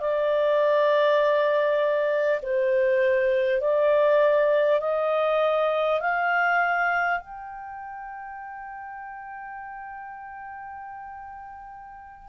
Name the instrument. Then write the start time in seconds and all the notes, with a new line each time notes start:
clarinet
0.00 D5
2.42 C5
3.60 D5
4.80 D#5
6.00 F5
7.19 G5